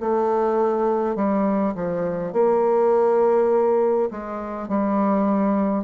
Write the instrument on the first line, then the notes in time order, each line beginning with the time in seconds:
bassoon
0.00 A3
1.16 G3
1.75 F3
2.33 A#3
4.11 G#3
4.68 G3